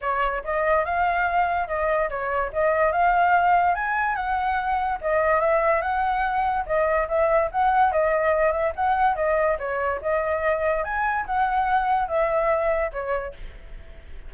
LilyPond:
\new Staff \with { instrumentName = "flute" } { \time 4/4 \tempo 4 = 144 cis''4 dis''4 f''2 | dis''4 cis''4 dis''4 f''4~ | f''4 gis''4 fis''2 | dis''4 e''4 fis''2 |
dis''4 e''4 fis''4 dis''4~ | dis''8 e''8 fis''4 dis''4 cis''4 | dis''2 gis''4 fis''4~ | fis''4 e''2 cis''4 | }